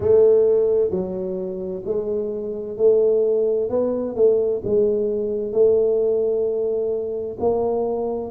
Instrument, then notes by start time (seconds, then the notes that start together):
tuba
0.00 A3
0.90 F#3
1.85 G#3
2.77 A3
3.69 B3
4.15 A3
4.64 G#3
5.52 A3
7.39 A#3